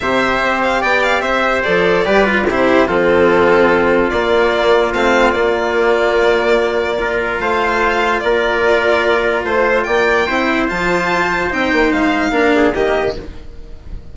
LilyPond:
<<
  \new Staff \with { instrumentName = "violin" } { \time 4/4 \tempo 4 = 146 e''4. f''8 g''8 f''8 e''4 | d''2 c''4 a'4~ | a'2 d''2 | f''4 d''2.~ |
d''2 f''2 | d''2. c''4 | g''2 a''2 | g''4 f''2 dis''4 | }
  \new Staff \with { instrumentName = "trumpet" } { \time 4/4 c''2 d''4 c''4~ | c''4 b'4 g'4 f'4~ | f'1~ | f'1~ |
f'4 ais'4 c''2 | ais'2. c''4 | d''4 c''2.~ | c''2 ais'8 gis'8 g'4 | }
  \new Staff \with { instrumentName = "cello" } { \time 4/4 g'1 | a'4 g'8 f'8 e'4 c'4~ | c'2 ais2 | c'4 ais2.~ |
ais4 f'2.~ | f'1~ | f'4 e'4 f'2 | dis'2 d'4 ais4 | }
  \new Staff \with { instrumentName = "bassoon" } { \time 4/4 c4 c'4 b4 c'4 | f4 g4 c4 f4~ | f2 ais2 | a4 ais2.~ |
ais2 a2 | ais2. a4 | ais4 c'4 f2 | c'8 ais8 gis4 ais4 dis4 | }
>>